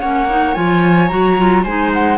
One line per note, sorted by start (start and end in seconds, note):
0.00 0.57 A#3
0.00 0.28 C#4
0.00 1.64 C#5
0.00 0.54 F#5
0.29 0.55 D#4
0.54 1.11 F3
0.54 1.09 F4
0.54 1.08 G#5
1.08 1.65 F#3
1.08 1.37 F#4
1.08 1.63 A#5
1.37 1.65 F4
1.64 2.18 G#3
1.64 2.18 D#4
1.64 2.18 C5
1.64 1.91 G#5
1.94 2.18 F#5